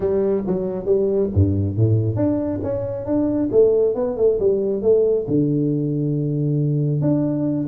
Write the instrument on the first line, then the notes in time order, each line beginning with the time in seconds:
tuba
0.00 G3
0.46 F#3
0.85 G3
1.34 G2
1.76 A2
2.16 D4
2.63 C#4
3.05 D4
3.51 A3
3.94 B3
4.16 A3
4.39 G3
4.82 A3
5.27 D3
7.01 D4